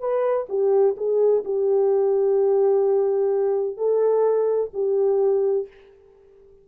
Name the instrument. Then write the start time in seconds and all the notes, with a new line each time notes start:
horn
0.00 B4
0.49 G4
0.97 G#4
1.45 G4
3.77 A4
4.74 G4